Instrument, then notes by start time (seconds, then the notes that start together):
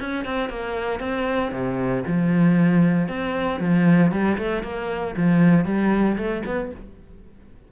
cello
0.00 C#4
0.25 C4
0.50 A#3
1.00 C4
1.52 C3
2.07 F3
3.08 C4
3.60 F3
4.12 G3
4.38 A3
4.63 A#3
5.17 F3
5.65 G3
6.17 A3
6.46 B3